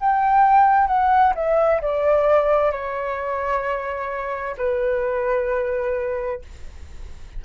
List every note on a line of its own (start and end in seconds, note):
0.00 0.87 G5
0.87 1.33 F#5
1.35 1.81 E5
1.82 2.71 D5
2.71 4.56 C#5
4.57 6.42 B4